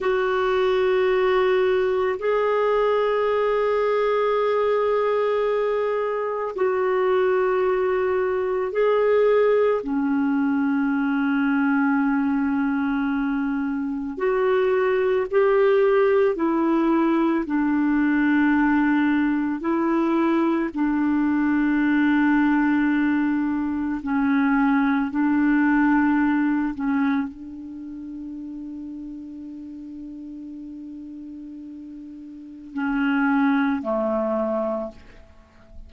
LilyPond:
\new Staff \with { instrumentName = "clarinet" } { \time 4/4 \tempo 4 = 55 fis'2 gis'2~ | gis'2 fis'2 | gis'4 cis'2.~ | cis'4 fis'4 g'4 e'4 |
d'2 e'4 d'4~ | d'2 cis'4 d'4~ | d'8 cis'8 d'2.~ | d'2 cis'4 a4 | }